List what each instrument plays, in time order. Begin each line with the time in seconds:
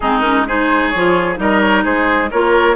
0.00 bassoon G#3, clarinet C4, oboe D#4, flute G#4
0.19 clarinet C#4, flute A#4
0.47 clarinet D#4, oboe G#4, flute C5
0.90 bassoon F3, clarinet F4, flute C#5
1.36 bassoon G3, clarinet D#4, oboe A#4, flute D#5
1.60 flute C#5
1.83 bassoon G#3, oboe G#4, flute C5
2.30 bassoon A#3, clarinet F4, oboe A#4, flute C#5